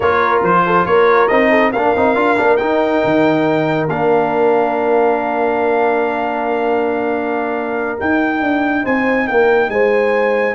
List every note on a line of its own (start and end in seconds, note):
0.00 0.42 A#3
0.00 1.29 F4
0.00 0.63 A#4
0.00 0.42 C#5
0.42 0.85 F3
0.42 0.86 C5
0.66 0.85 A4
0.85 1.29 A#3
0.85 1.50 A#4
0.85 1.28 C#5
1.28 1.73 C4
1.28 1.73 D#4
1.28 1.71 D#5
1.50 1.71 A4
1.72 1.94 A#3
1.72 1.96 D4
1.72 8.82 A#4
1.72 2.56 F5
1.95 2.15 C4
1.95 2.15 D#4
2.15 2.36 D4
2.15 2.37 F4
2.37 2.59 A#3
2.37 2.58 D4
2.56 3.88 D#4
2.56 3.03 D#4
2.56 3.86 G5
3.04 3.87 D#3
3.87 7.97 A#3
3.87 7.98 D4
3.87 7.99 F5
7.98 10.54 D#4
7.98 8.41 D#4
7.98 8.85 G5
8.41 8.84 D4
8.82 9.29 C4
8.82 9.26 C5
8.82 9.27 G#5
9.27 9.68 A#3
9.27 9.71 A#4
9.27 9.70 G5
9.68 10.54 G#3
9.68 10.54 C5
9.68 10.54 G#5